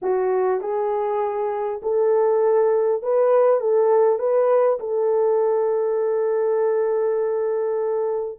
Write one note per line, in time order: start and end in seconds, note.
0.02 0.60 F#4
0.60 1.80 G#4
1.82 3.02 A4
3.02 3.60 B4
3.60 4.18 A4
4.18 4.78 B4
4.79 8.39 A4